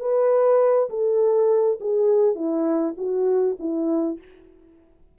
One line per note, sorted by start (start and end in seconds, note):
0.00 0.89 B4
0.90 1.79 A4
1.80 2.35 G#4
2.35 2.94 E4
2.97 3.56 F#4
3.59 4.18 E4